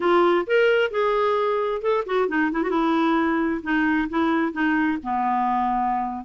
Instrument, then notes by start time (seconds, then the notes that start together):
clarinet
0.00 F4
0.46 A#4
0.90 G#4
1.81 A4
2.06 F#4
2.28 D#4
2.51 E4
2.62 F#4
2.70 E4
3.62 D#4
4.09 E4
4.52 D#4
5.03 B3